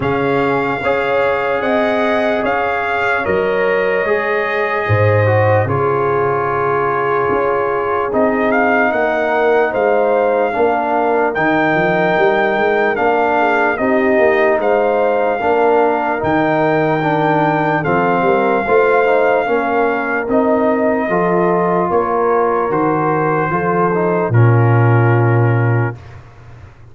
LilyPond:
<<
  \new Staff \with { instrumentName = "trumpet" } { \time 4/4 \tempo 4 = 74 f''2 fis''4 f''4 | dis''2. cis''4~ | cis''2 dis''8 f''8 fis''4 | f''2 g''2 |
f''4 dis''4 f''2 | g''2 f''2~ | f''4 dis''2 cis''4 | c''2 ais'2 | }
  \new Staff \with { instrumentName = "horn" } { \time 4/4 gis'4 cis''4 dis''4 cis''4~ | cis''2 c''4 gis'4~ | gis'2. ais'4 | c''4 ais'2.~ |
ais'8 gis'8 g'4 c''4 ais'4~ | ais'2 a'8 ais'8 c''4 | ais'2 a'4 ais'4~ | ais'4 a'4 f'2 | }
  \new Staff \with { instrumentName = "trombone" } { \time 4/4 cis'4 gis'2. | ais'4 gis'4. fis'8 f'4~ | f'2 dis'2~ | dis'4 d'4 dis'2 |
d'4 dis'2 d'4 | dis'4 d'4 c'4 f'8 dis'8 | cis'4 dis'4 f'2 | fis'4 f'8 dis'8 cis'2 | }
  \new Staff \with { instrumentName = "tuba" } { \time 4/4 cis4 cis'4 c'4 cis'4 | fis4 gis4 gis,4 cis4~ | cis4 cis'4 c'4 ais4 | gis4 ais4 dis8 f8 g8 gis8 |
ais4 c'8 ais8 gis4 ais4 | dis2 f8 g8 a4 | ais4 c'4 f4 ais4 | dis4 f4 ais,2 | }
>>